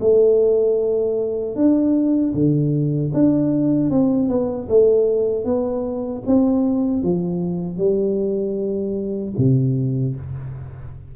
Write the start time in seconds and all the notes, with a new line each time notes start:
0.00 A3
1.55 D4
2.34 D3
3.13 D4
3.90 C4
4.29 B3
4.68 A3
5.44 B3
6.26 C4
7.02 F3
7.77 G3
9.38 C3